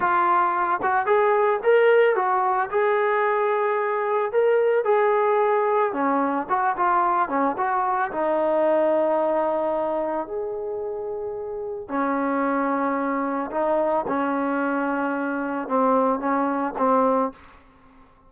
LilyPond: \new Staff \with { instrumentName = "trombone" } { \time 4/4 \tempo 4 = 111 f'4. fis'8 gis'4 ais'4 | fis'4 gis'2. | ais'4 gis'2 cis'4 | fis'8 f'4 cis'8 fis'4 dis'4~ |
dis'2. gis'4~ | gis'2 cis'2~ | cis'4 dis'4 cis'2~ | cis'4 c'4 cis'4 c'4 | }